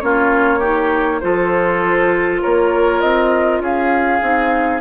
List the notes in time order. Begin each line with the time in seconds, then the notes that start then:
0.00 A#3 C#4 F4 C#5
0.59 D#4 G4
1.20 F3 F4 A4 C5
2.42 A#3 A#4 C#5
3.01 C4 D#5
3.60 C#4 G#4 F5
4.21 C4 D#4